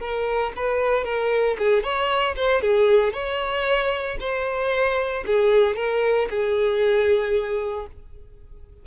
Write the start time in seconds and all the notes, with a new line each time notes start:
0.00 A#4
0.56 B4
1.05 A#4
1.58 G#4
1.83 C#5
2.36 C5
2.62 G#4
3.13 C#5
4.20 C5
5.26 G#4
5.76 A#4
6.30 G#4